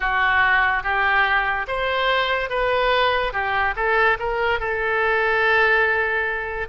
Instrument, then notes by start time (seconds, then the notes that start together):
oboe
0.00 F#4
0.83 G4
1.67 C5
2.49 B4
3.32 G4
3.75 A4
4.19 A#4
4.59 A4